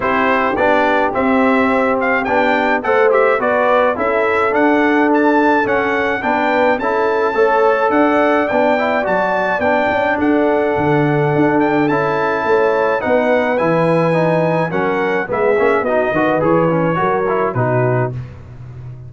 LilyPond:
<<
  \new Staff \with { instrumentName = "trumpet" } { \time 4/4 \tempo 4 = 106 c''4 d''4 e''4. f''8 | g''4 fis''8 e''8 d''4 e''4 | fis''4 a''4 fis''4 g''4 | a''2 fis''4 g''4 |
a''4 g''4 fis''2~ | fis''8 g''8 a''2 fis''4 | gis''2 fis''4 e''4 | dis''4 cis''2 b'4 | }
  \new Staff \with { instrumentName = "horn" } { \time 4/4 g'1~ | g'4 c''4 b'4 a'4~ | a'2. b'4 | a'4 cis''4 d''2~ |
d''2 a'2~ | a'2 cis''4 b'4~ | b'2 ais'4 gis'4 | fis'8 b'4. ais'4 fis'4 | }
  \new Staff \with { instrumentName = "trombone" } { \time 4/4 e'4 d'4 c'2 | d'4 a'8 g'8 fis'4 e'4 | d'2 cis'4 d'4 | e'4 a'2 d'8 e'8 |
fis'4 d'2.~ | d'4 e'2 dis'4 | e'4 dis'4 cis'4 b8 cis'8 | dis'8 fis'8 gis'8 cis'8 fis'8 e'8 dis'4 | }
  \new Staff \with { instrumentName = "tuba" } { \time 4/4 c'4 b4 c'2 | b4 a4 b4 cis'4 | d'2 cis'4 b4 | cis'4 a4 d'4 b4 |
fis4 b8 cis'8 d'4 d4 | d'4 cis'4 a4 b4 | e2 fis4 gis8 ais8 | b8 dis8 e4 fis4 b,4 | }
>>